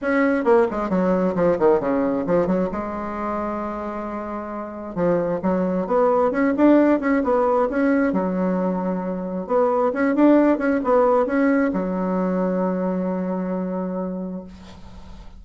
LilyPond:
\new Staff \with { instrumentName = "bassoon" } { \time 4/4 \tempo 4 = 133 cis'4 ais8 gis8 fis4 f8 dis8 | cis4 f8 fis8 gis2~ | gis2. f4 | fis4 b4 cis'8 d'4 cis'8 |
b4 cis'4 fis2~ | fis4 b4 cis'8 d'4 cis'8 | b4 cis'4 fis2~ | fis1 | }